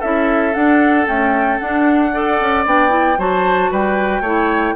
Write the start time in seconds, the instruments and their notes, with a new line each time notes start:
0.00 bassoon C#4, clarinet E4, oboe A4, flute E5
0.54 clarinet D4, bassoon D4, flute F#5
1.07 clarinet A3, bassoon C#4, flute G5
1.59 bassoon D4, clarinet D4, flute F#5
2.14 clarinet A4, oboe D5
2.40 bassoon C#4
2.66 bassoon B3, clarinet D4, flute G5
2.89 clarinet E4
3.18 bassoon F#3, clarinet F#4, oboe C5, flute A5
3.71 bassoon G3, oboe B4, flute G5
4.21 bassoon A3, clarinet E4, oboe C#5